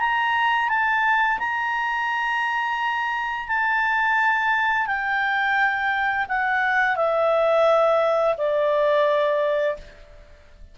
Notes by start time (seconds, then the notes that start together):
0.00 A#5
0.69 A5
1.39 A#5
3.48 A5
4.87 G5
6.29 F#5
6.96 E5
8.38 D5